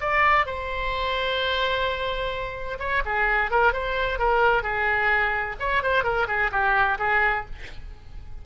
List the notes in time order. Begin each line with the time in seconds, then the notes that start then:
0.00 D5
0.45 C5
2.79 C#5
3.05 G#4
3.51 A#4
3.72 C5
4.18 A#4
4.63 G#4
5.59 C#5
5.82 C5
6.03 A#4
6.27 G#4
6.51 G4
6.99 G#4